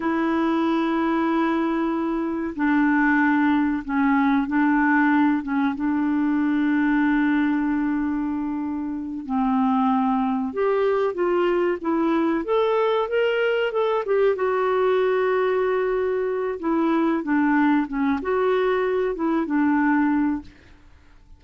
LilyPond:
\new Staff \with { instrumentName = "clarinet" } { \time 4/4 \tempo 4 = 94 e'1 | d'2 cis'4 d'4~ | d'8 cis'8 d'2.~ | d'2~ d'8 c'4.~ |
c'8 g'4 f'4 e'4 a'8~ | a'8 ais'4 a'8 g'8 fis'4.~ | fis'2 e'4 d'4 | cis'8 fis'4. e'8 d'4. | }